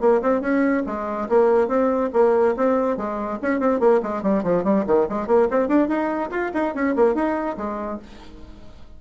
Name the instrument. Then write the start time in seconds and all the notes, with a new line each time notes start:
bassoon
0.00 A#3
0.22 C4
0.41 C#4
0.86 G#3
1.29 A#3
1.68 C4
2.13 A#3
2.56 C4
2.97 G#3
3.42 C#4
3.60 C4
3.80 A#3
4.02 G#3
4.22 G3
4.43 F3
4.64 G3
4.86 D#3
5.09 G#3
5.27 A#3
5.50 C4
5.68 D4
5.88 D#4
6.31 F4
6.54 D#4
6.74 C#4
6.96 A#3
7.14 D#4
7.57 G#3